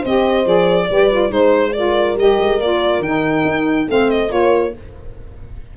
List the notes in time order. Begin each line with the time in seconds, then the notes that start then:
0.00 C4 G4 C5 D#5
0.44 F3 G#4 D5
0.89 G3 G4 B4
1.11 F4
1.29 G#3 D#4 C5
1.73 F4 A#4 D5
2.14 G3 G4 D#5
2.40 G#3
2.59 A#3 F4 D5
2.99 D#3 D#4 G5
3.45 D#4
3.88 A3 C4 C5 F5
4.10 D#5
4.30 A#3 F4 A#4 C#5